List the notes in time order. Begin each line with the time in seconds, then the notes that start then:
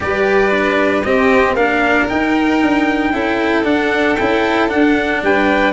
0.00 G3 G4 B4 D5
0.50 D4
1.03 C4 G4 D#5
1.53 A#3 D4 A#4 F5
2.08 D#4 G5
2.63 D4
3.13 C#4 E4 A4
3.64 D4 F#5
4.16 C#4 E4 G5
4.68 D4 F#5
5.22 G3 B4 G5